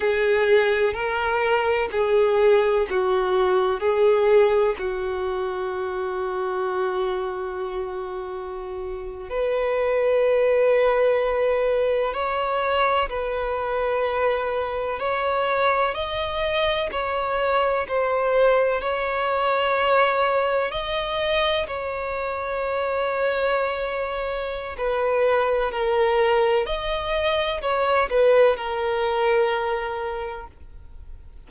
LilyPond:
\new Staff \with { instrumentName = "violin" } { \time 4/4 \tempo 4 = 63 gis'4 ais'4 gis'4 fis'4 | gis'4 fis'2.~ | fis'4.~ fis'16 b'2~ b'16~ | b'8. cis''4 b'2 cis''16~ |
cis''8. dis''4 cis''4 c''4 cis''16~ | cis''4.~ cis''16 dis''4 cis''4~ cis''16~ | cis''2 b'4 ais'4 | dis''4 cis''8 b'8 ais'2 | }